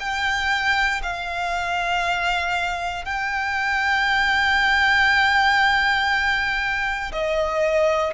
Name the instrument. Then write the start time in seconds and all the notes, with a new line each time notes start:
violin
0.00 G5
1.03 F5
3.05 G5
7.12 D#5